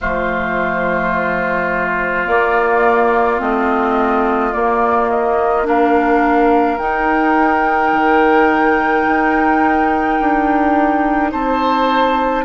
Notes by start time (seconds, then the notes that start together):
0.00 F3 A3 F4 C5
2.26 A#3 D5
3.38 A3 C4 D#5
4.52 A#3 D5
5.09 D#5
5.63 D4 A#4 F5
6.78 D#4 G5
7.92 D#3
9.07 D#4
10.20 D4
11.31 C4 C5 A5